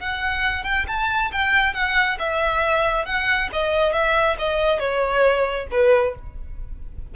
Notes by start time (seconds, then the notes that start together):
0.00 F#5
0.64 G5
0.88 A5
1.32 G5
1.74 F#5
2.19 E5
3.06 F#5
3.53 D#5
3.93 E5
4.39 D#5
4.80 C#5
5.71 B4